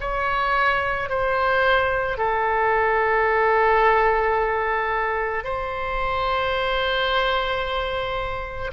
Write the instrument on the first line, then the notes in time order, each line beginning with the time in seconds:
oboe
0.00 C#5
1.09 C5
2.17 A4
5.43 C5